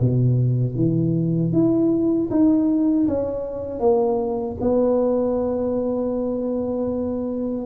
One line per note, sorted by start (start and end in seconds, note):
0.00 0.75 B2
0.75 1.52 E3
1.52 2.29 E4
2.30 3.07 D#4
3.07 3.79 C#4
3.79 4.56 A#3
4.60 7.66 B3